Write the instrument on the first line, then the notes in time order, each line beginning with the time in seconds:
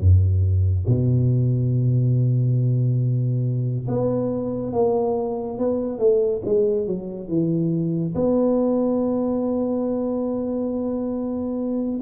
tuba
0.00 F#2
0.87 B2
3.88 B3
4.73 A#3
5.58 B3
5.99 A3
6.46 G#3
6.87 F#3
7.29 E3
8.15 B3